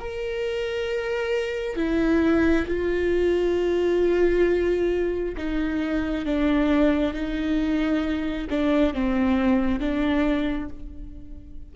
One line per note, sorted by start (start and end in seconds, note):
0.00 1.76 A#4
1.76 2.65 E4
2.67 5.36 F4
5.37 6.25 D#4
6.25 7.14 D4
7.14 8.48 D#4
8.50 8.94 D4
8.94 9.80 C4
9.80 10.69 D4